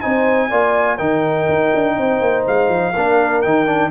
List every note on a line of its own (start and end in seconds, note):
0.00 0.51 C4
0.00 0.49 D#4
0.00 0.49 C5
0.00 0.97 G#5
0.49 0.99 A#3
0.49 0.98 F4
0.49 0.96 D5
0.96 1.48 D#3
0.96 2.93 D#4
0.96 1.93 A#4
0.96 2.43 G5
1.48 1.72 D#4
1.74 1.97 D4
1.97 2.20 C4
1.97 2.93 C5
2.20 2.45 A#3
2.47 2.68 G#3
2.47 3.41 F5
2.68 2.92 F3
2.93 3.44 A#3
2.93 3.44 D4
2.93 3.90 A#4
3.41 3.90 D#3
3.41 3.66 D#4
3.41 3.90 G5
3.66 3.90 D4